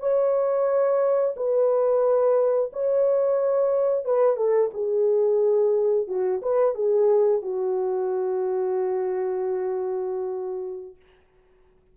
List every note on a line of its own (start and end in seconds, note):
0.00 1.35 C#5
1.36 2.71 B4
2.73 4.05 C#5
4.05 4.37 B4
4.37 4.70 A4
4.74 6.08 G#4
6.08 6.41 F#4
6.42 6.75 B4
6.75 7.42 G#4
7.42 10.96 F#4